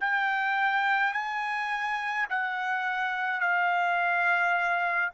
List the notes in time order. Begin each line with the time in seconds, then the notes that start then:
0.00 G5
1.13 G#5
2.30 F#5
3.40 F5